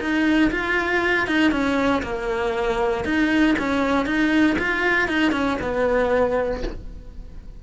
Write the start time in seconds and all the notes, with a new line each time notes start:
0.00 D#4
0.51 F4
1.27 D#4
1.52 C#4
2.03 A#3
3.05 D#4
3.58 C#4
4.06 D#4
4.59 F4
5.08 D#4
5.32 C#4
5.61 B3